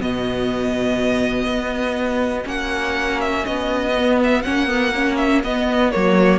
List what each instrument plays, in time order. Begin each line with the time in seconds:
0.00 cello B2, viola B3, violin F#4 D#5
1.46 cello B3
2.44 cello A#3, viola C#4, violin F#5
3.21 violin E5
3.46 cello B3, violin D#5
3.98 viola B3
4.24 violin E5
4.43 cello A#3, viola C#4, violin F#5
4.67 viola B3
4.95 viola C#4
5.17 violin E5
5.44 viola B3, cello B3, violin D#5
5.91 cello F#3, viola A#3, violin C#5